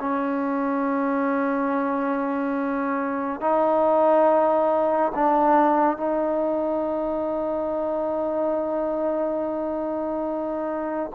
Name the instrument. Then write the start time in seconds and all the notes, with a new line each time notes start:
trombone
0.00 C#4
3.41 D#4
5.15 D4
5.97 D#4